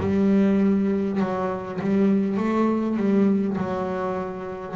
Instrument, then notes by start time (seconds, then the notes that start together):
double bass
0.00 G3
1.20 F#3
1.81 G3
2.37 A3
2.97 G3
3.57 F#3